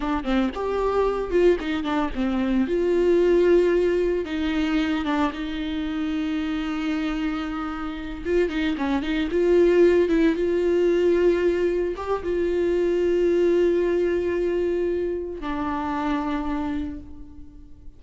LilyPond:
\new Staff \with { instrumentName = "viola" } { \time 4/4 \tempo 4 = 113 d'8 c'8 g'4. f'8 dis'8 d'8 | c'4 f'2. | dis'4. d'8 dis'2~ | dis'2.~ dis'8 f'8 |
dis'8 cis'8 dis'8 f'4. e'8 f'8~ | f'2~ f'8 g'8 f'4~ | f'1~ | f'4 d'2. | }